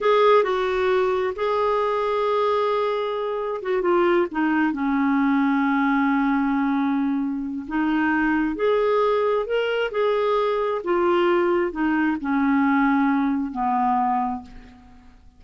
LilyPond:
\new Staff \with { instrumentName = "clarinet" } { \time 4/4 \tempo 4 = 133 gis'4 fis'2 gis'4~ | gis'1 | fis'8 f'4 dis'4 cis'4.~ | cis'1~ |
cis'4 dis'2 gis'4~ | gis'4 ais'4 gis'2 | f'2 dis'4 cis'4~ | cis'2 b2 | }